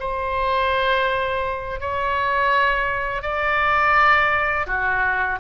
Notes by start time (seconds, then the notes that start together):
0.00 C5
1.81 C#5
3.23 D5
4.67 F#4